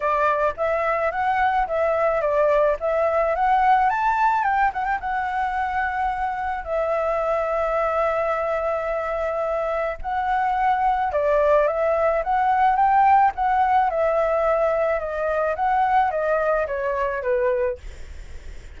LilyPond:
\new Staff \with { instrumentName = "flute" } { \time 4/4 \tempo 4 = 108 d''4 e''4 fis''4 e''4 | d''4 e''4 fis''4 a''4 | g''8 fis''16 g''16 fis''2. | e''1~ |
e''2 fis''2 | d''4 e''4 fis''4 g''4 | fis''4 e''2 dis''4 | fis''4 dis''4 cis''4 b'4 | }